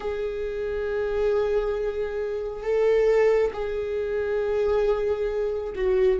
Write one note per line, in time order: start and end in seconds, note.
0.00 2.63 G#4
2.63 3.51 A4
3.53 5.74 G#4
5.75 6.19 F#4